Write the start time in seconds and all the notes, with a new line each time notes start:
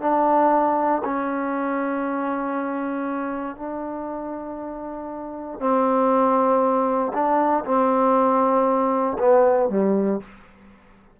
0.00 D4
1.04 C#4
3.56 D4
5.59 C4
7.13 D4
7.64 C4
9.18 B3
9.69 G3